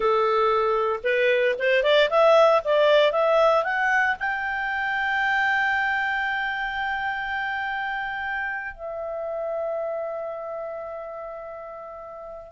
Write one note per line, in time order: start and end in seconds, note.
0.00 0.99 A4
1.03 1.55 B4
1.58 1.83 C5
1.83 2.09 D5
2.10 2.62 E5
2.64 3.11 D5
3.11 3.64 E5
3.64 4.16 F#5
4.19 8.73 G5
8.73 12.51 E5